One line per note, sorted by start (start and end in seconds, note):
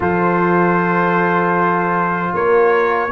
0.00 2.33 F3
0.00 3.09 F4
0.00 2.32 A4
0.00 2.34 C5
2.33 3.11 A#3
2.33 3.11 A#4
2.33 3.11 C#5